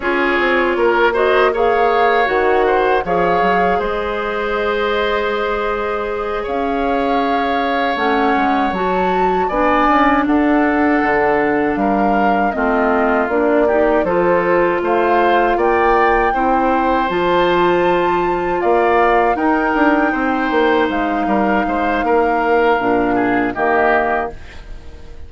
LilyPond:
<<
  \new Staff \with { instrumentName = "flute" } { \time 4/4 \tempo 4 = 79 cis''4. dis''8 f''4 fis''4 | f''4 dis''2.~ | dis''8 f''2 fis''4 a''8~ | a''8 gis''4 fis''2 f''8~ |
f''8 dis''4 d''4 c''4 f''8~ | f''8 g''2 a''4.~ | a''8 f''4 g''2 f''8~ | f''2. dis''4 | }
  \new Staff \with { instrumentName = "oboe" } { \time 4/4 gis'4 ais'8 c''8 cis''4. c''8 | cis''4 c''2.~ | c''8 cis''2.~ cis''8~ | cis''8 d''4 a'2 ais'8~ |
ais'8 f'4. g'8 a'4 c''8~ | c''8 d''4 c''2~ c''8~ | c''8 d''4 ais'4 c''4. | ais'8 c''8 ais'4. gis'8 g'4 | }
  \new Staff \with { instrumentName = "clarinet" } { \time 4/4 f'4. fis'8 gis'4 fis'4 | gis'1~ | gis'2~ gis'8 cis'4 fis'8~ | fis'8 d'2.~ d'8~ |
d'8 c'4 d'8 dis'8 f'4.~ | f'4. e'4 f'4.~ | f'4. dis'2~ dis'8~ | dis'2 d'4 ais4 | }
  \new Staff \with { instrumentName = "bassoon" } { \time 4/4 cis'8 c'8 ais2 dis4 | f8 fis8 gis2.~ | gis8 cis'2 a8 gis8 fis8~ | fis8 b8 cis'8 d'4 d4 g8~ |
g8 a4 ais4 f4 a8~ | a8 ais4 c'4 f4.~ | f8 ais4 dis'8 d'8 c'8 ais8 gis8 | g8 gis8 ais4 ais,4 dis4 | }
>>